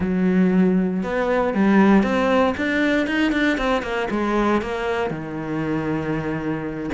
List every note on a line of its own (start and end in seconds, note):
0.00 1.03 F#3
1.03 1.54 B3
1.54 2.03 G3
2.03 2.54 C4
2.57 3.06 D4
3.06 3.32 D#4
3.32 3.57 D4
3.57 3.82 C4
3.82 4.08 A#3
4.10 4.61 G#3
4.61 5.10 A#3
5.10 6.90 D#3